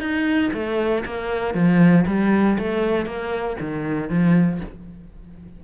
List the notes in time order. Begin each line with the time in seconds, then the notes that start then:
0.00 D#4
0.54 A3
1.06 A#3
1.54 F3
2.07 G3
2.59 A3
3.06 A#3
3.60 D#3
4.10 F3